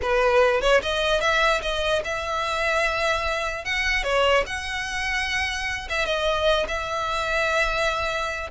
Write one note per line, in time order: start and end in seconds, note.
0.01 0.61 B4
0.61 0.81 C#5
0.82 1.20 D#5
1.20 1.61 E5
1.61 2.02 D#5
2.04 3.64 E5
3.64 4.03 F#5
4.03 4.44 C#5
4.46 5.88 F#5
5.89 6.05 E5
6.05 6.66 D#5
6.68 8.50 E5